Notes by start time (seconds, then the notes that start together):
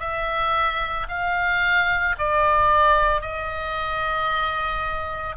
0.00 E5
1.09 F5
2.19 D5
3.21 D#5